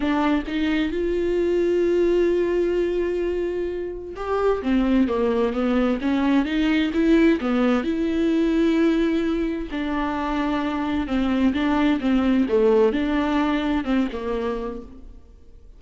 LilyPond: \new Staff \with { instrumentName = "viola" } { \time 4/4 \tempo 4 = 130 d'4 dis'4 f'2~ | f'1~ | f'4 g'4 c'4 ais4 | b4 cis'4 dis'4 e'4 |
b4 e'2.~ | e'4 d'2. | c'4 d'4 c'4 a4 | d'2 c'8 ais4. | }